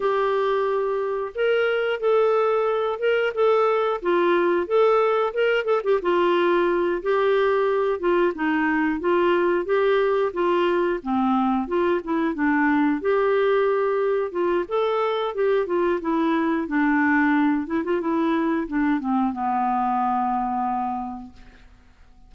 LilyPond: \new Staff \with { instrumentName = "clarinet" } { \time 4/4 \tempo 4 = 90 g'2 ais'4 a'4~ | a'8 ais'8 a'4 f'4 a'4 | ais'8 a'16 g'16 f'4. g'4. | f'8 dis'4 f'4 g'4 f'8~ |
f'8 c'4 f'8 e'8 d'4 g'8~ | g'4. f'8 a'4 g'8 f'8 | e'4 d'4. e'16 f'16 e'4 | d'8 c'8 b2. | }